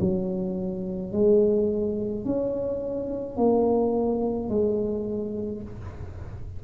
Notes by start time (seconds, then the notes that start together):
0.00 F#3
1.12 G#3
2.25 C#4
3.37 A#3
4.49 G#3